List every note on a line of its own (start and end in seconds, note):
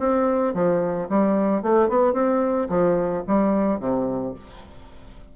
0.00 0.55 C4
0.55 1.09 F3
1.10 1.63 G3
1.63 1.89 A3
1.89 2.14 B3
2.14 2.69 C4
2.70 3.24 F3
3.28 3.80 G3
3.80 4.35 C3